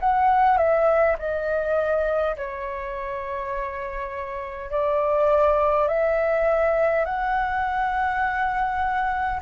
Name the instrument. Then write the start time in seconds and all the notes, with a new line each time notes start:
flute
0.00 F#5
0.58 E5
1.19 D#5
2.37 C#5
4.71 D5
5.88 E5
7.05 F#5